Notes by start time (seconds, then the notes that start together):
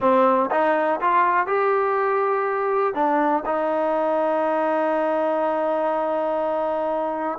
0.00 C4
0.50 D#4
1.00 F4
1.46 G4
2.94 D4
3.45 D#4